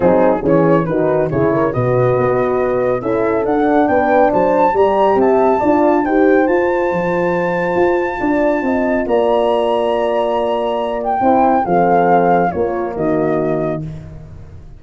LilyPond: <<
  \new Staff \with { instrumentName = "flute" } { \time 4/4 \tempo 4 = 139 gis'4 cis''4 b'4 cis''4 | dis''2. e''4 | fis''4 g''4 a''4 ais''4 | a''2 g''4 a''4~ |
a''1~ | a''4 ais''2.~ | ais''4. g''4. f''4~ | f''4 cis''4 dis''2 | }
  \new Staff \with { instrumentName = "horn" } { \time 4/4 dis'4 gis'4 fis'4 gis'8 ais'8 | b'2. a'4~ | a'4 b'4 c''4 d''4 | e''4 d''4 c''2~ |
c''2. d''4 | dis''4 d''2.~ | d''2 c''4 a'4~ | a'4 f'4 fis'2 | }
  \new Staff \with { instrumentName = "horn" } { \time 4/4 c'4 cis'4 dis'4 e'4 | fis'2. e'4 | d'2. g'4~ | g'4 f'4 g'4 f'4~ |
f'1~ | f'1~ | f'2 e'4 c'4~ | c'4 ais2. | }
  \new Staff \with { instrumentName = "tuba" } { \time 4/4 fis4 e4 dis4 cis4 | b,4 b2 cis'4 | d'4 b4 fis4 g4 | c'4 d'4 dis'4 f'4 |
f2 f'4 d'4 | c'4 ais2.~ | ais2 c'4 f4~ | f4 ais4 dis2 | }
>>